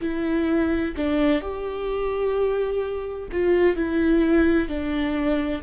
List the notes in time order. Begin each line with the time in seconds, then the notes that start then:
0.01 E4
0.96 D4
1.41 G4
3.32 F4
3.75 E4
4.68 D4